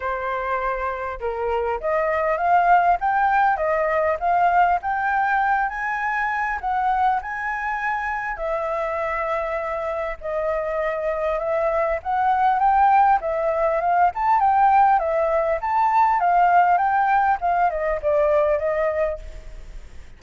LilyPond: \new Staff \with { instrumentName = "flute" } { \time 4/4 \tempo 4 = 100 c''2 ais'4 dis''4 | f''4 g''4 dis''4 f''4 | g''4. gis''4. fis''4 | gis''2 e''2~ |
e''4 dis''2 e''4 | fis''4 g''4 e''4 f''8 a''8 | g''4 e''4 a''4 f''4 | g''4 f''8 dis''8 d''4 dis''4 | }